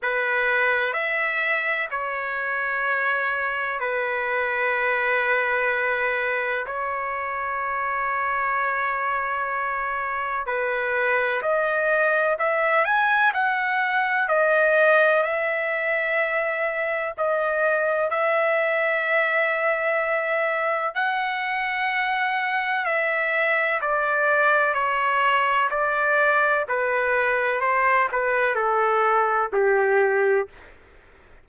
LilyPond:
\new Staff \with { instrumentName = "trumpet" } { \time 4/4 \tempo 4 = 63 b'4 e''4 cis''2 | b'2. cis''4~ | cis''2. b'4 | dis''4 e''8 gis''8 fis''4 dis''4 |
e''2 dis''4 e''4~ | e''2 fis''2 | e''4 d''4 cis''4 d''4 | b'4 c''8 b'8 a'4 g'4 | }